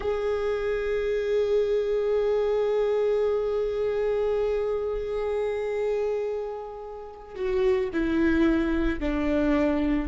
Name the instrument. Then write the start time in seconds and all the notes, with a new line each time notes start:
viola
0.00 G#4
7.35 F#4
7.92 E4
8.99 D4